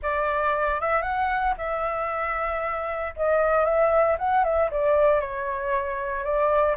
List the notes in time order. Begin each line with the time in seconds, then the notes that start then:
0.02 D5
0.80 E5
1.02 F#5
1.57 E5
3.16 D#5
3.64 E5
4.18 F#5
4.43 E5
4.70 D5
5.20 C#5
6.23 D5